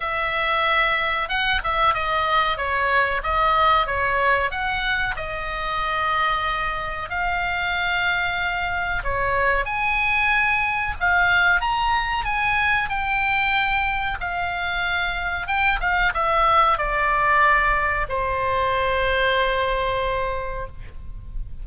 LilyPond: \new Staff \with { instrumentName = "oboe" } { \time 4/4 \tempo 4 = 93 e''2 fis''8 e''8 dis''4 | cis''4 dis''4 cis''4 fis''4 | dis''2. f''4~ | f''2 cis''4 gis''4~ |
gis''4 f''4 ais''4 gis''4 | g''2 f''2 | g''8 f''8 e''4 d''2 | c''1 | }